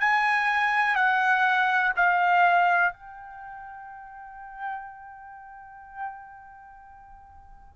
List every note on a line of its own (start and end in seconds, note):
0.00 0.96 G#5
0.96 1.93 F#5
1.97 2.93 F5
2.93 7.76 G5